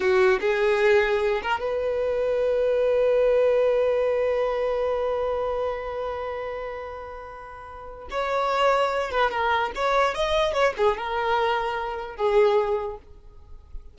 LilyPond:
\new Staff \with { instrumentName = "violin" } { \time 4/4 \tempo 4 = 148 fis'4 gis'2~ gis'8 ais'8 | b'1~ | b'1~ | b'1~ |
b'1 | cis''2~ cis''8 b'8 ais'4 | cis''4 dis''4 cis''8 gis'8 ais'4~ | ais'2 gis'2 | }